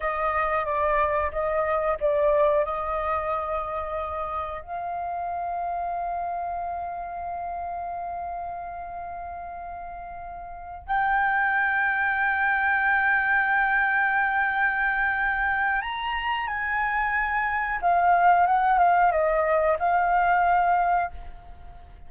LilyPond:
\new Staff \with { instrumentName = "flute" } { \time 4/4 \tempo 4 = 91 dis''4 d''4 dis''4 d''4 | dis''2. f''4~ | f''1~ | f''1~ |
f''8 g''2.~ g''8~ | g''1 | ais''4 gis''2 f''4 | fis''8 f''8 dis''4 f''2 | }